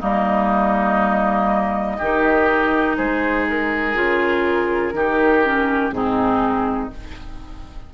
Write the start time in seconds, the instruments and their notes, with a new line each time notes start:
0.00 bassoon G3, clarinet A#3, oboe D#4, flute D#5
1.98 bassoon D#3, clarinet D#4, oboe G4
2.97 bassoon G#3, oboe G#4, flute C5
3.49 flute A#4
3.94 bassoon C#3, clarinet F4
4.93 bassoon D#3, clarinet D#4, oboe G4
5.44 clarinet C#4
5.91 bassoon G#2, clarinet C4, oboe D#4, flute G#4